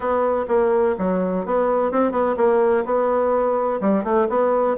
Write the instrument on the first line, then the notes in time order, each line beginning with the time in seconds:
bassoon
0.00 B3
0.48 A#3
0.98 F#3
1.45 B3
1.91 C4
2.11 B3
2.37 A#3
2.85 B3
3.80 G3
4.03 A3
4.29 B3